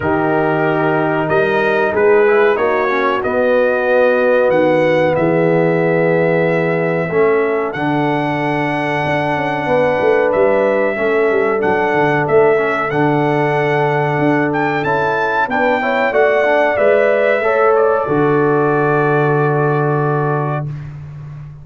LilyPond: <<
  \new Staff \with { instrumentName = "trumpet" } { \time 4/4 \tempo 4 = 93 ais'2 dis''4 b'4 | cis''4 dis''2 fis''4 | e''1 | fis''1 |
e''2 fis''4 e''4 | fis''2~ fis''8 g''8 a''4 | g''4 fis''4 e''4. d''8~ | d''1 | }
  \new Staff \with { instrumentName = "horn" } { \time 4/4 g'2 ais'4 gis'4 | fis'1 | gis'2. a'4~ | a'2. b'4~ |
b'4 a'2.~ | a'1 | b'8 cis''8 d''2 cis''4 | a'1 | }
  \new Staff \with { instrumentName = "trombone" } { \time 4/4 dis'2.~ dis'8 e'8 | dis'8 cis'8 b2.~ | b2. cis'4 | d'1~ |
d'4 cis'4 d'4. cis'8 | d'2. e'4 | d'8 e'8 fis'8 d'8 b'4 a'4 | fis'1 | }
  \new Staff \with { instrumentName = "tuba" } { \time 4/4 dis2 g4 gis4 | ais4 b2 dis4 | e2. a4 | d2 d'8 cis'8 b8 a8 |
g4 a8 g8 fis8 d8 a4 | d2 d'4 cis'4 | b4 a4 gis4 a4 | d1 | }
>>